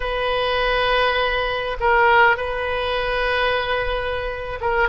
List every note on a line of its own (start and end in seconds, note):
0.00 1.77 B4
1.80 2.37 A#4
2.37 4.59 B4
4.60 4.88 A#4